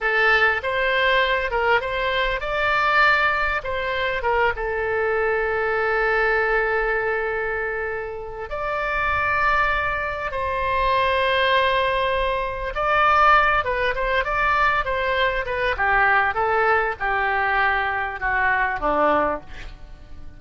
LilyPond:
\new Staff \with { instrumentName = "oboe" } { \time 4/4 \tempo 4 = 99 a'4 c''4. ais'8 c''4 | d''2 c''4 ais'8 a'8~ | a'1~ | a'2 d''2~ |
d''4 c''2.~ | c''4 d''4. b'8 c''8 d''8~ | d''8 c''4 b'8 g'4 a'4 | g'2 fis'4 d'4 | }